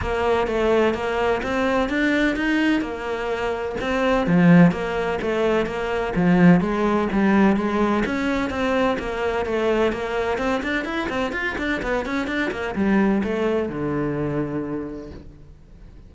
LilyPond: \new Staff \with { instrumentName = "cello" } { \time 4/4 \tempo 4 = 127 ais4 a4 ais4 c'4 | d'4 dis'4 ais2 | c'4 f4 ais4 a4 | ais4 f4 gis4 g4 |
gis4 cis'4 c'4 ais4 | a4 ais4 c'8 d'8 e'8 c'8 | f'8 d'8 b8 cis'8 d'8 ais8 g4 | a4 d2. | }